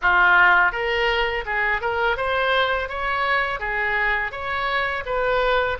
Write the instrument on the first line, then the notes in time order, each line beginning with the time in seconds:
oboe
0.01 F4
0.72 A#4
1.45 G#4
1.81 A#4
2.16 C5
2.88 C#5
3.59 G#4
4.31 C#5
5.05 B4